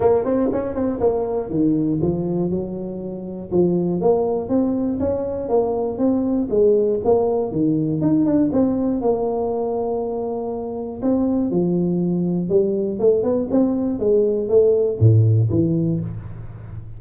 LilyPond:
\new Staff \with { instrumentName = "tuba" } { \time 4/4 \tempo 4 = 120 ais8 c'8 cis'8 c'8 ais4 dis4 | f4 fis2 f4 | ais4 c'4 cis'4 ais4 | c'4 gis4 ais4 dis4 |
dis'8 d'8 c'4 ais2~ | ais2 c'4 f4~ | f4 g4 a8 b8 c'4 | gis4 a4 a,4 e4 | }